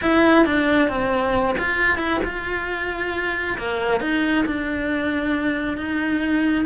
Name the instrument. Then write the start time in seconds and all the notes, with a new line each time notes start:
cello
0.01 E4
0.45 D4
0.88 C4
1.58 F4
1.98 E4
2.24 F4
3.58 A#3
4.00 D#4
4.46 D4
5.77 D#4